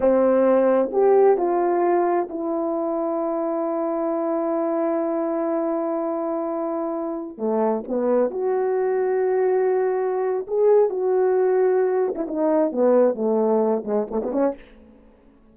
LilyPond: \new Staff \with { instrumentName = "horn" } { \time 4/4 \tempo 4 = 132 c'2 g'4 f'4~ | f'4 e'2.~ | e'1~ | e'1~ |
e'16 a4 b4 fis'4.~ fis'16~ | fis'2. gis'4 | fis'2~ fis'8. e'16 dis'4 | b4 a4. gis8 a16 b16 cis'8 | }